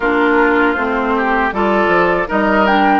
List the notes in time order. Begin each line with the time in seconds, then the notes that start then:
0.00 A#3 D4 F4 A#4
0.73 A3 C4 C5
1.16 G4
1.52 G3 F4 A4 D5
1.87 F3
2.27 G3 D#4 A#4 D#5
2.66 D4 G5